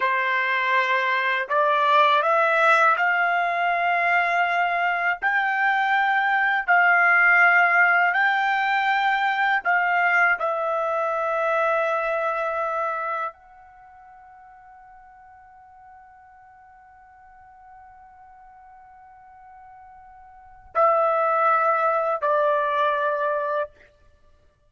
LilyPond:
\new Staff \with { instrumentName = "trumpet" } { \time 4/4 \tempo 4 = 81 c''2 d''4 e''4 | f''2. g''4~ | g''4 f''2 g''4~ | g''4 f''4 e''2~ |
e''2 fis''2~ | fis''1~ | fis''1 | e''2 d''2 | }